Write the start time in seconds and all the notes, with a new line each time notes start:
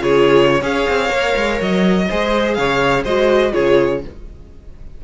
0.00 C#3 F4 G#4 C#5
0.50 C#5
0.62 C#4 G#4 F5
0.89 C4
1.10 A#3 A#4
1.36 G#3
1.61 F#3 D#5
2.09 G#3 G#4 C5
2.54 C#3 C#5 F5
3.04 G#3 F#4 C5 D#5
3.52 C#3 F4 G#4 C#5